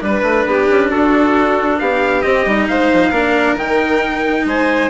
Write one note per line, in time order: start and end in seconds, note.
0.00 0.22 G3
0.00 2.22 D4
0.00 0.91 B4
0.00 0.48 B4
0.22 0.44 A3
0.46 0.68 B3
0.46 0.90 G4
0.69 0.92 C#4
0.90 1.80 D4
0.90 1.79 F#4
0.90 1.79 A4
1.79 2.24 B3
1.79 2.69 G4
1.79 2.22 F5
2.22 2.46 C4
2.22 2.66 D#5
2.46 2.68 G3
2.46 3.12 D#4
2.67 2.91 G#3
2.67 3.11 C5
2.67 3.56 F5
2.92 3.11 F3
3.11 3.55 A#3
3.11 3.57 D4
3.11 4.44 A#4
3.55 4.43 D#3
3.55 4.89 D#4
3.55 4.47 G5
4.45 4.89 G#3
4.45 4.89 C5
4.45 4.89 G#5